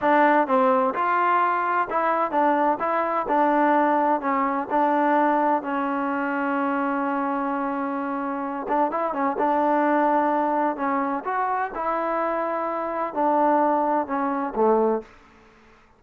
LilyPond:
\new Staff \with { instrumentName = "trombone" } { \time 4/4 \tempo 4 = 128 d'4 c'4 f'2 | e'4 d'4 e'4 d'4~ | d'4 cis'4 d'2 | cis'1~ |
cis'2~ cis'8 d'8 e'8 cis'8 | d'2. cis'4 | fis'4 e'2. | d'2 cis'4 a4 | }